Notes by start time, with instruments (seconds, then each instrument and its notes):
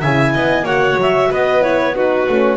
0.00 double bass C#3, horn E4, violin E5, clarinet G#5
0.34 double bass B3, violin D#5
0.63 double bass A#3, horn F#4, violin C#5, clarinet F#5
0.97 double bass F#3, clarinet E5
1.30 double bass B3, violin B4, clarinet D#5
1.61 horn E4, clarinet C#5
1.95 horn D#4, violin F#4, clarinet B4
2.29 double bass A3, horn C#4